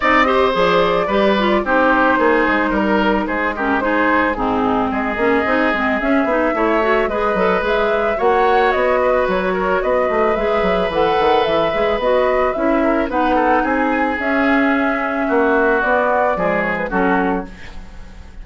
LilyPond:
<<
  \new Staff \with { instrumentName = "flute" } { \time 4/4 \tempo 4 = 110 dis''4 d''2 c''4~ | c''4 ais'4 c''8 ais'8 c''4 | gis'4 dis''2 e''4~ | e''4 dis''4 e''4 fis''4 |
dis''4 cis''4 dis''4 e''4 | fis''4 e''4 dis''4 e''4 | fis''4 gis''4 e''2~ | e''4 d''4. cis''16 b'16 a'4 | }
  \new Staff \with { instrumentName = "oboe" } { \time 4/4 d''8 c''4. b'4 g'4 | gis'4 ais'4 gis'8 g'8 gis'4 | dis'4 gis'2. | cis''4 b'2 cis''4~ |
cis''8 b'4 ais'8 b'2~ | b'2.~ b'8 ais'8 | b'8 a'8 gis'2. | fis'2 gis'4 fis'4 | }
  \new Staff \with { instrumentName = "clarinet" } { \time 4/4 dis'8 g'8 gis'4 g'8 f'8 dis'4~ | dis'2~ dis'8 cis'8 dis'4 | c'4. cis'8 dis'8 c'8 cis'8 dis'8 | e'8 fis'8 gis'8 a'8 gis'4 fis'4~ |
fis'2. gis'4 | a'4. gis'8 fis'4 e'4 | dis'2 cis'2~ | cis'4 b4 gis4 cis'4 | }
  \new Staff \with { instrumentName = "bassoon" } { \time 4/4 c'4 f4 g4 c'4 | ais8 gis8 g4 gis2 | gis,4 gis8 ais8 c'8 gis8 cis'8 b8 | a4 gis8 fis8 gis4 ais4 |
b4 fis4 b8 a8 gis8 fis8 | e8 dis8 e8 gis8 b4 cis'4 | b4 c'4 cis'2 | ais4 b4 f4 fis4 | }
>>